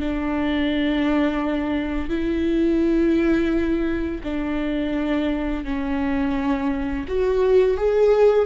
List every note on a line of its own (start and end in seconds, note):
0.00 2.10 D4
2.10 4.22 E4
4.24 5.65 D4
5.65 7.06 C#4
7.08 7.77 F#4
7.77 8.46 G#4